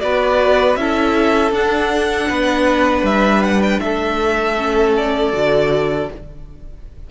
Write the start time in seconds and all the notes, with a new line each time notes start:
0.00 B3 F#4 B4 D5
0.76 C#4 E4 A4 E5
1.52 D4 F#5
2.29 B3 B4
3.03 G3 E5
3.43 F#5
3.62 G5
3.80 A3 A4 E5
4.57 C#4
4.97 D5
5.33 D3 F#4